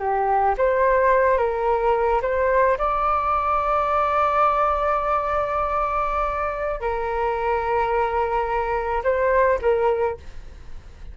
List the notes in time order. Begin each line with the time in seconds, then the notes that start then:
0.00 G4
0.58 C5
1.38 A#4
2.22 C5
2.79 D5
6.81 A#4
9.04 C5
9.62 A#4